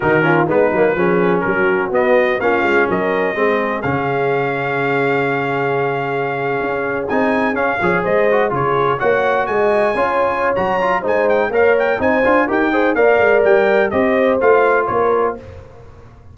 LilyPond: <<
  \new Staff \with { instrumentName = "trumpet" } { \time 4/4 \tempo 4 = 125 ais'4 b'2 ais'4 | dis''4 f''4 dis''2 | f''1~ | f''2~ f''8. gis''4 f''16~ |
f''8. dis''4 cis''4 fis''4 gis''16~ | gis''2 ais''4 gis''8 g''8 | f''8 g''8 gis''4 g''4 f''4 | g''4 dis''4 f''4 cis''4 | }
  \new Staff \with { instrumentName = "horn" } { \time 4/4 fis'8 f'8 dis'4 gis'4 fis'4~ | fis'4 f'4 ais'4 gis'4~ | gis'1~ | gis'1~ |
gis'16 cis''8 c''4 gis'4 cis''4 dis''16~ | dis''8. cis''2~ cis''16 c''4 | cis''4 c''4 ais'8 c''8 d''4~ | d''4 c''2 ais'4 | }
  \new Staff \with { instrumentName = "trombone" } { \time 4/4 dis'8 cis'8 b8 ais8 cis'2 | b4 cis'2 c'4 | cis'1~ | cis'2~ cis'8. dis'4 cis'16~ |
cis'16 gis'4 fis'8 f'4 fis'4~ fis'16~ | fis'8. f'4~ f'16 fis'8 f'8 dis'4 | ais'4 dis'8 f'8 g'8 gis'8 ais'4~ | ais'4 g'4 f'2 | }
  \new Staff \with { instrumentName = "tuba" } { \time 4/4 dis4 gis8 fis8 f4 fis4 | b4 ais8 gis8 fis4 gis4 | cis1~ | cis4.~ cis16 cis'4 c'4 cis'16~ |
cis'16 f8 gis4 cis4 ais4 gis16~ | gis8. cis'4~ cis'16 fis4 gis4 | ais4 c'8 d'8 dis'4 ais8 gis8 | g4 c'4 a4 ais4 | }
>>